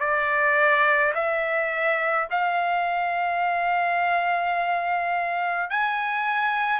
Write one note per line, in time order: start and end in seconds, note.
0.00 1.13 D5
1.15 2.28 E5
2.31 5.70 F5
5.70 6.80 G#5